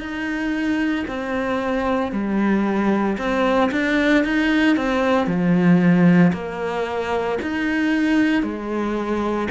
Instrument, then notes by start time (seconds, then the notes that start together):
cello
0.00 D#4
1.08 C4
2.12 G3
3.18 C4
3.72 D4
4.25 D#4
4.77 C4
5.27 F3
6.33 A#3
7.42 D#4
8.43 G#3